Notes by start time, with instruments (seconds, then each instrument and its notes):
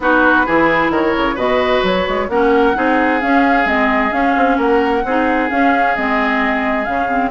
0.00 bassoon B3, clarinet D#4, oboe F#4, flute B4
0.46 bassoon E3, clarinet E4, oboe G#4
0.90 bassoon D#3, oboe A#4, flute C#5
1.17 bassoon C#3
1.35 bassoon B2, clarinet F#4, oboe B4, flute D#5
1.83 bassoon F#3, flute C#5
2.08 bassoon G#3
2.28 bassoon A#3, clarinet C#4, oboe A#4, flute F#5
2.74 bassoon C4, clarinet D#4, oboe G#4
3.21 clarinet C#4, bassoon C#4, flute F5
3.65 bassoon G#3, clarinet C4, flute D#5
4.10 clarinet C#4, bassoon C#4, flute F5
4.36 bassoon C4
4.57 bassoon A#3, oboe A#4, flute F#5
5.04 bassoon C4, clarinet D#4, oboe G#4
5.50 clarinet C#4, bassoon C#4, flute F5
5.95 bassoon G#3, clarinet C4, flute D#5
6.84 bassoon C#3, clarinet C#4, flute F5
7.08 clarinet C4